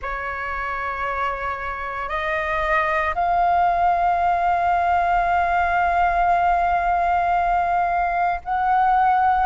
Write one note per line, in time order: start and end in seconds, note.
0.01 2.09 C#5
2.09 3.14 D#5
3.14 8.41 F5
8.44 9.46 F#5